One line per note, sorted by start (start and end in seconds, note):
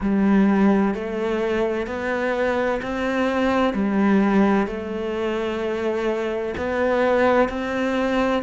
0.00 0.94 G3
0.94 1.87 A3
1.87 2.80 B3
2.82 3.73 C4
3.73 4.66 G3
4.66 6.54 A3
6.57 7.48 B3
7.48 8.42 C4